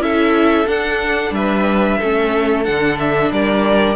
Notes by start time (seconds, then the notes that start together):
0.00 C#4 E4 A4 E5
0.67 D4 F#5
1.31 G3 B4 E5
1.99 A3 C#4 A4
2.65 D3 D4 F#5
2.99 E5
3.31 G3 A#4 D5